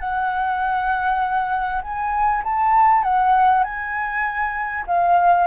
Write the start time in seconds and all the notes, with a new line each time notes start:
0.00 F#5
1.82 G#5
2.44 A5
3.04 F#5
3.64 G#5
4.87 F5